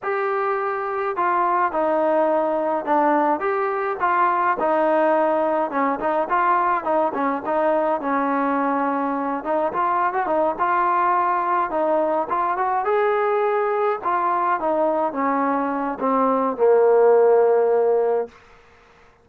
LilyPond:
\new Staff \with { instrumentName = "trombone" } { \time 4/4 \tempo 4 = 105 g'2 f'4 dis'4~ | dis'4 d'4 g'4 f'4 | dis'2 cis'8 dis'8 f'4 | dis'8 cis'8 dis'4 cis'2~ |
cis'8 dis'8 f'8. fis'16 dis'8 f'4.~ | f'8 dis'4 f'8 fis'8 gis'4.~ | gis'8 f'4 dis'4 cis'4. | c'4 ais2. | }